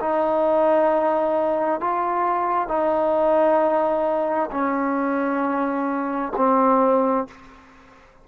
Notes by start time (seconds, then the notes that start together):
0.00 D#4
1.81 F4
2.68 D#4
4.51 C#4
6.37 C4